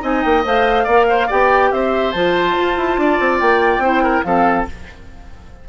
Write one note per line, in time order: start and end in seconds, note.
0.00 0.23 C4
0.00 0.42 D#4
0.00 0.83 D#5
0.00 0.22 G#5
0.22 0.45 A#3
0.22 0.43 G5
0.43 0.86 A3
0.43 0.86 C5
0.43 1.30 F5
0.83 1.28 A#3
0.83 1.04 D5
0.91 1.29 A#4
1.09 1.26 C5
1.26 1.71 B3
1.26 2.14 G4
1.26 1.69 D5
1.26 1.71 G5
1.71 2.14 C4
1.71 3.00 C5
1.71 2.11 E5
2.11 2.56 F3
2.11 3.83 F4
2.11 3.38 A5
2.57 2.77 F4
2.77 2.97 E4
2.97 3.18 D4
2.97 3.83 D5
3.19 3.40 C4
3.39 3.78 A#3
3.39 4.23 G5
3.78 4.20 C4
3.78 4.24 E4
3.78 4.03 C5
4.03 4.24 A#4
4.23 4.66 F3
4.23 4.66 C4
4.23 4.68 A4
4.23 4.65 F5